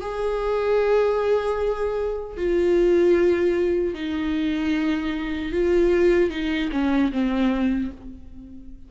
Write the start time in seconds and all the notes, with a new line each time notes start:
0.00 G#4
2.37 F4
3.94 D#4
5.52 F4
6.30 D#4
6.71 C#4
7.12 C4